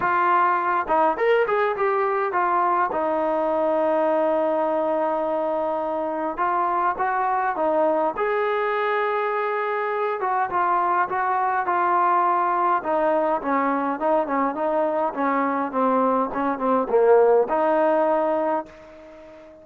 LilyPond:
\new Staff \with { instrumentName = "trombone" } { \time 4/4 \tempo 4 = 103 f'4. dis'8 ais'8 gis'8 g'4 | f'4 dis'2.~ | dis'2. f'4 | fis'4 dis'4 gis'2~ |
gis'4. fis'8 f'4 fis'4 | f'2 dis'4 cis'4 | dis'8 cis'8 dis'4 cis'4 c'4 | cis'8 c'8 ais4 dis'2 | }